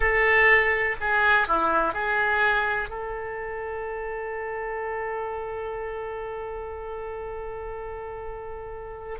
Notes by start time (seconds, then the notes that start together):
0.00 A4
1.00 G#4
1.47 E4
1.93 G#4
2.89 A4